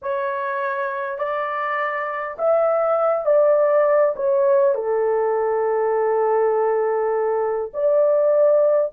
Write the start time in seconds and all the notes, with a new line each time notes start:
0.01 C#5
1.18 D5
2.38 E5
3.25 D5
4.16 C#5
4.74 A4
7.73 D5